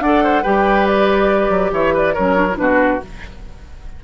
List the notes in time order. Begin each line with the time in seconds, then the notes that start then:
0.00 D4 A4 D5 F#5
0.23 C5
0.42 G3 G4 B4 G5
0.86 D5
1.50 F#3
1.72 E3 C#5 E5
1.93 B4 D5
2.14 F#3 C#4 A#4 C#5
2.36 D4
2.52 B2 D4 E4 B4
2.61 F#4